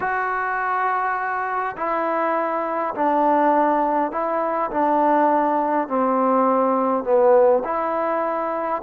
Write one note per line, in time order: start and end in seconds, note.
0.00 1.75 F#4
1.76 2.94 E4
2.94 4.11 D4
4.11 4.70 E4
4.70 5.88 D4
5.88 7.03 C4
7.03 7.62 B3
7.64 8.82 E4